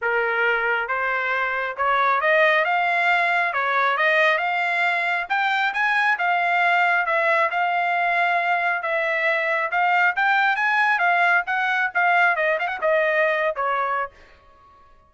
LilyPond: \new Staff \with { instrumentName = "trumpet" } { \time 4/4 \tempo 4 = 136 ais'2 c''2 | cis''4 dis''4 f''2 | cis''4 dis''4 f''2 | g''4 gis''4 f''2 |
e''4 f''2. | e''2 f''4 g''4 | gis''4 f''4 fis''4 f''4 | dis''8 f''16 fis''16 dis''4.~ dis''16 cis''4~ cis''16 | }